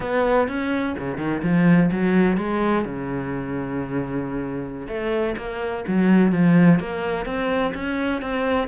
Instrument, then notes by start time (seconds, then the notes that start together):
cello
0.00 B3
0.48 C#4
0.98 C#3
1.17 D#3
1.42 F3
1.91 F#3
2.37 G#3
2.84 C#3
4.88 A3
5.37 A#3
5.87 F#3
6.31 F3
6.79 A#3
7.25 C4
7.74 C#4
8.21 C4